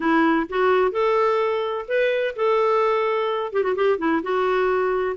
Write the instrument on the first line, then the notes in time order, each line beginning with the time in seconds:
clarinet
0.00 E4
0.49 F#4
0.91 A4
1.88 B4
2.36 A4
3.52 G4
3.63 F#4
3.75 G4
3.98 E4
4.22 F#4